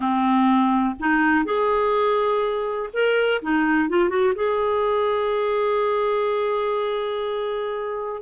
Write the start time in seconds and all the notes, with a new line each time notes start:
0.00 C4
0.99 D#4
1.44 G#4
2.93 A#4
3.42 D#4
3.89 F4
4.09 F#4
4.35 G#4